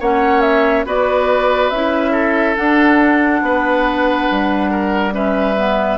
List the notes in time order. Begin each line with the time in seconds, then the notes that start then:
0.00 A#3 C#4 C#5 F#5
0.41 E5
0.85 B3 F#4 B4 D5
1.70 C#4 E4 E5
2.12 A4
2.56 D4 F#5
3.42 B3 B4
4.31 G3
4.71 A#4
5.12 C#4 B4 E5
5.57 B3